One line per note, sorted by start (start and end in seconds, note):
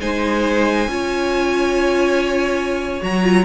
0.00 0.87 G#3
0.00 0.88 D#4
0.00 0.90 C5
0.00 3.03 G#5
0.87 3.00 C#4
0.87 3.00 F4
0.87 3.44 C#5
3.00 3.44 F#3
3.00 3.23 F#4
3.00 3.44 A#5
3.23 3.44 F4